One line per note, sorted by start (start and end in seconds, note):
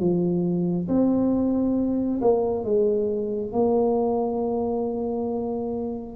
0.00 0.88 F3
0.88 2.21 C4
2.22 2.65 A#3
2.65 3.53 G#3
3.53 6.16 A#3